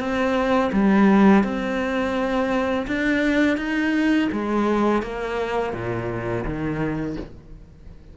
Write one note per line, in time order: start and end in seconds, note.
0.00 0.71 C4
0.73 1.44 G3
1.44 2.87 C4
2.88 3.58 D4
3.58 4.29 D#4
4.32 5.03 G#3
5.03 5.74 A#3
5.74 6.45 A#2
6.45 7.17 D#3